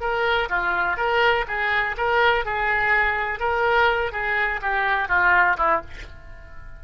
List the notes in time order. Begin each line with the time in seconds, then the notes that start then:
0.00 A#4
0.49 F4
0.97 A#4
1.47 G#4
1.97 A#4
2.45 G#4
3.39 A#4
4.12 G#4
4.61 G4
5.08 F4
5.57 E4